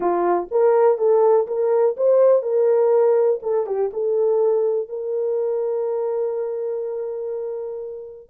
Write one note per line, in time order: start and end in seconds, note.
0.00 0.48 F4
0.51 0.98 A#4
0.98 1.46 A4
1.47 1.95 A#4
1.96 2.42 C5
2.42 3.39 A#4
3.42 3.66 A4
3.66 3.90 G4
3.93 4.88 A4
4.88 8.29 A#4